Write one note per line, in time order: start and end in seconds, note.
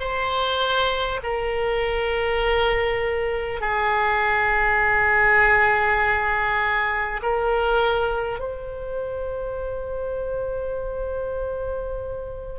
0.00 1.20 C5
1.23 3.61 A#4
3.61 7.21 G#4
7.23 8.39 A#4
8.39 12.59 C5